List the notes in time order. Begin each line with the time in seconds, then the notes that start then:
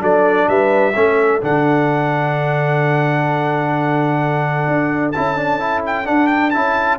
0.00 F#3 D4 A4 D5
0.49 G3 B4 E5
0.95 A3 C#4 A4
1.42 D3 D4 F#5
4.67 D4
5.12 C#4 E4 A5
5.36 D4
5.59 E4
5.86 G5
6.05 D4 F#5
6.27 G5
6.50 C#4 E4 A5